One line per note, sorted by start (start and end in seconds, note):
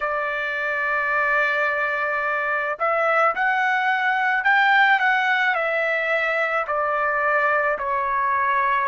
0.00 2.78 D5
2.79 3.34 E5
3.35 4.43 F#5
4.43 4.99 G5
4.99 5.55 F#5
5.55 6.66 E5
6.67 7.78 D5
7.78 8.88 C#5